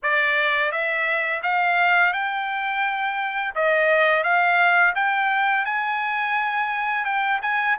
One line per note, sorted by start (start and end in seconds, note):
0.02 0.71 D5
0.71 1.42 E5
1.42 2.13 F5
2.13 3.54 G5
3.55 4.23 D#5
4.23 4.94 F5
4.95 5.65 G5
5.65 7.04 G#5
7.04 7.40 G5
7.41 7.77 G#5